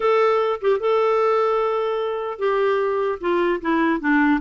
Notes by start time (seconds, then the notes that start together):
0.00 A4
0.61 G4
0.79 A4
2.38 G4
3.20 F4
3.61 E4
4.00 D4